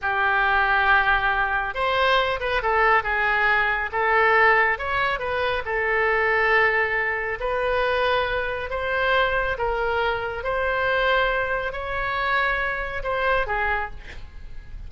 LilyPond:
\new Staff \with { instrumentName = "oboe" } { \time 4/4 \tempo 4 = 138 g'1 | c''4. b'8 a'4 gis'4~ | gis'4 a'2 cis''4 | b'4 a'2.~ |
a'4 b'2. | c''2 ais'2 | c''2. cis''4~ | cis''2 c''4 gis'4 | }